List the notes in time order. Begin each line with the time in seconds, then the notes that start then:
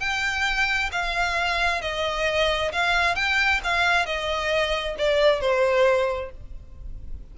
0.00 G5
0.92 F5
1.82 D#5
2.72 F5
3.16 G5
3.64 F5
4.06 D#5
4.98 D5
5.41 C5